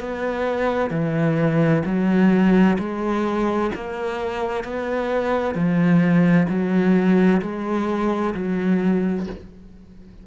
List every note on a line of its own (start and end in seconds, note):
0.00 0.91 B3
0.91 1.83 E3
1.85 2.78 F#3
2.79 3.71 G#3
3.75 4.64 A#3
4.64 5.55 B3
5.55 6.47 F3
6.49 7.41 F#3
7.42 8.34 G#3
8.35 9.27 F#3